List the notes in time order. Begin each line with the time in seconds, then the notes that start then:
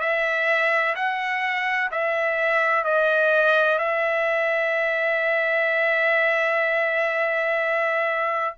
0.00 E5
0.96 F#5
1.92 E5
2.84 D#5
3.79 E5